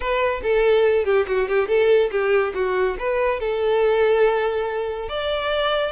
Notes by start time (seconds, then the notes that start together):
0.00 B4
0.42 A4
1.04 G4
1.27 F#4
1.48 G4
1.68 A4
2.11 G4
2.54 F#4
2.98 B4
3.40 A4
5.08 D5